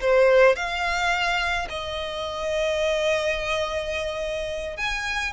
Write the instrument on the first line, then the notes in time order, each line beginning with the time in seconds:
violin
0.00 C5
0.56 F5
1.69 D#5
4.76 G#5